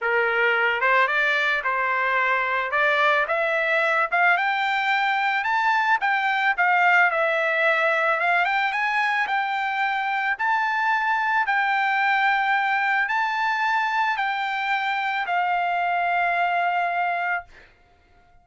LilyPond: \new Staff \with { instrumentName = "trumpet" } { \time 4/4 \tempo 4 = 110 ais'4. c''8 d''4 c''4~ | c''4 d''4 e''4. f''8 | g''2 a''4 g''4 | f''4 e''2 f''8 g''8 |
gis''4 g''2 a''4~ | a''4 g''2. | a''2 g''2 | f''1 | }